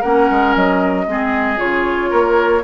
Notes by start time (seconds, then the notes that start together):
0.00 A#3 C#4 A#4 F#5
0.30 G#3
0.55 F#3 D#5
1.06 G#3 C4 G#4
1.57 C#3 F4 C#5
2.10 A#3 A#4